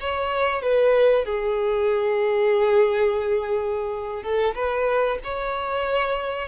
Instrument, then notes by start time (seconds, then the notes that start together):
violin
0.00 C#5
0.62 B4
1.25 G#4
4.23 A4
4.55 B4
5.24 C#5